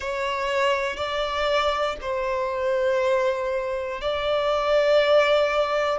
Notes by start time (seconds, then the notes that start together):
0.00 C#5
0.96 D5
2.00 C5
4.00 D5